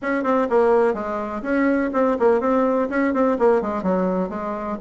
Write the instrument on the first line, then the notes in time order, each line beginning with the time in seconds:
bassoon
0.02 C#4
0.23 C4
0.49 A#3
0.94 G#3
1.42 C#4
1.93 C4
2.19 A#3
2.40 C4
2.89 C#4
3.13 C4
3.38 A#3
3.61 G#3
3.83 F#3
4.29 G#3